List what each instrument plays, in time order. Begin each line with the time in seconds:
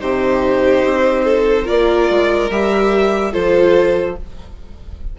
0.00 bassoon C3, viola D#4, violin G4 C5
0.85 bassoon C4
1.25 violin A4
1.65 bassoon A#3, viola F4, violin A#4 D5
2.10 bassoon G#3
2.50 bassoon G3, viola G4, violin E5
3.33 bassoon F3, viola F4, violin A4 C5